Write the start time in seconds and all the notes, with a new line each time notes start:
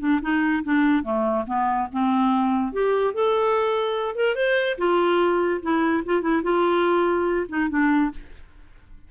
0.00 D4
0.22 D#4
0.64 D4
1.04 A3
1.47 B3
1.93 C4
2.73 G4
3.14 A4
4.16 A#4
4.36 C5
4.78 F4
5.62 E4
6.06 F4
6.22 E4
6.43 F4
7.49 D#4
7.70 D4